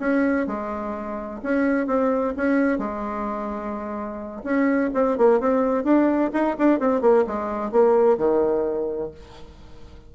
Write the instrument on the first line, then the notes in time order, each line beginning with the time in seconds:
bassoon
0.00 C#4
0.47 G#3
1.43 C#4
1.87 C4
2.37 C#4
2.78 G#3
4.44 C#4
4.94 C4
5.18 A#3
5.40 C4
5.84 D4
6.33 D#4
6.59 D4
6.80 C4
7.01 A#3
7.27 G#3
7.72 A#3
8.18 D#3